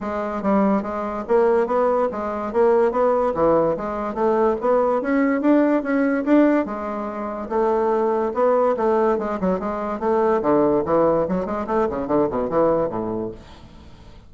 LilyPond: \new Staff \with { instrumentName = "bassoon" } { \time 4/4 \tempo 4 = 144 gis4 g4 gis4 ais4 | b4 gis4 ais4 b4 | e4 gis4 a4 b4 | cis'4 d'4 cis'4 d'4 |
gis2 a2 | b4 a4 gis8 fis8 gis4 | a4 d4 e4 fis8 gis8 | a8 cis8 d8 b,8 e4 a,4 | }